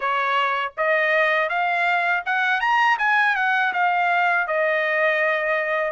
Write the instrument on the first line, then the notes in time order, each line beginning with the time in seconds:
trumpet
0.00 C#5
0.77 D#5
1.48 F5
2.25 F#5
2.60 A#5
2.98 G#5
3.35 F#5
3.73 F5
4.47 D#5